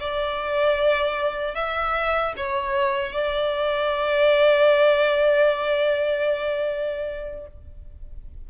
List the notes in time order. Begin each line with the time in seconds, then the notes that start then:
0.00 D5
1.55 E5
2.37 C#5
3.12 D5